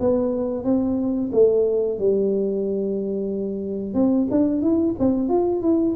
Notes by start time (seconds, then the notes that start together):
0.00 B3
0.64 C4
1.32 A3
1.99 G3
3.94 C4
4.31 D4
4.62 E4
4.99 C4
5.28 F4
5.62 E4